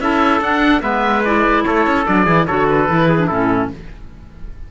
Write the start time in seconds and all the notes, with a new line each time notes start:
0.00 C#4 E4 A4 E5
0.40 D4 F#5
0.80 G#3 B3 B4 E5
1.24 E4 D5
1.63 A3 A4 C#5
1.86 C#4
2.05 F#3 D4 D5
2.24 E3 E4 G#4
2.46 D3 F#4 A4 C#5
2.69 B4
2.88 E3 E4
3.08 G#4
3.18 D4
3.27 A2 C#4 E4 A4